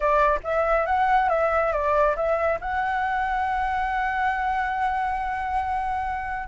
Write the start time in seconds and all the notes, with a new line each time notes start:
0.00 D5
0.43 E5
0.86 F#5
1.29 E5
1.72 D5
2.16 E5
2.60 F#5